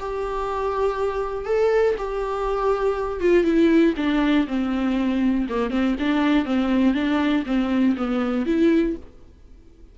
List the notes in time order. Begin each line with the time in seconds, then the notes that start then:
0.00 G4
1.46 A4
1.98 G4
3.21 F4
3.44 E4
3.97 D4
4.47 C4
5.50 A#3
5.71 C4
6.00 D4
6.46 C4
6.95 D4
7.46 C4
7.97 B3
8.46 E4